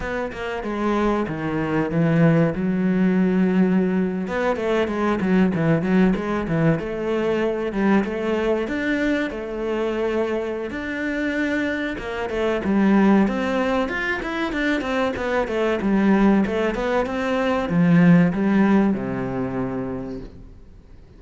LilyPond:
\new Staff \with { instrumentName = "cello" } { \time 4/4 \tempo 4 = 95 b8 ais8 gis4 dis4 e4 | fis2~ fis8. b8 a8 gis16~ | gis16 fis8 e8 fis8 gis8 e8 a4~ a16~ | a16 g8 a4 d'4 a4~ a16~ |
a4 d'2 ais8 a8 | g4 c'4 f'8 e'8 d'8 c'8 | b8 a8 g4 a8 b8 c'4 | f4 g4 c2 | }